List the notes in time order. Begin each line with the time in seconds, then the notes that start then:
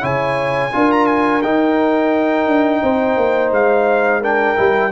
0.00 C#3 E4 C#5 G#5
0.72 D4 F4 A#4
0.91 A#5
1.06 G#5
1.42 D#4 G5
2.47 D4
2.82 C4 C5
3.16 A#3
3.51 G#3 F5
4.20 D4 A#4 G5
4.56 G3 E4